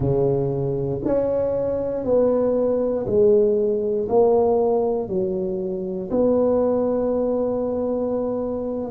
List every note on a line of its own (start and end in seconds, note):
0.00 1.01 C#3
1.04 2.04 C#4
2.04 3.06 B3
3.06 4.08 G#3
4.09 5.08 A#3
5.08 6.10 F#3
6.11 8.90 B3